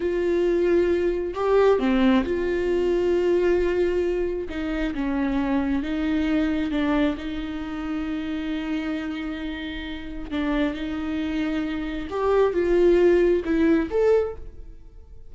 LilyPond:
\new Staff \with { instrumentName = "viola" } { \time 4/4 \tempo 4 = 134 f'2. g'4 | c'4 f'2.~ | f'2 dis'4 cis'4~ | cis'4 dis'2 d'4 |
dis'1~ | dis'2. d'4 | dis'2. g'4 | f'2 e'4 a'4 | }